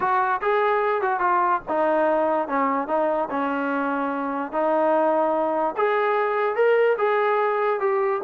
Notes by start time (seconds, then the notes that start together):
0.00 F#4
0.41 G#4
1.01 F#4
1.20 F4
1.68 D#4
2.48 C#4
2.87 D#4
3.30 C#4
4.51 D#4
5.76 G#4
6.55 A#4
6.98 G#4
7.80 G4